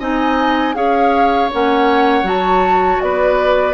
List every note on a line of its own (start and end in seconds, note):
0.00 0.75 C4
0.00 0.74 D#4
0.00 0.75 D#5
0.00 0.75 G#5
0.74 1.50 C#4
0.74 1.49 G#4
0.74 3.02 C#5
0.74 1.50 F5
1.53 2.23 A#3
1.53 2.24 C#4
1.53 2.28 F#5
2.23 2.98 F#3
2.23 3.74 F#4
2.23 3.01 A5
3.01 3.75 B3
3.01 3.75 B4
3.01 3.75 D5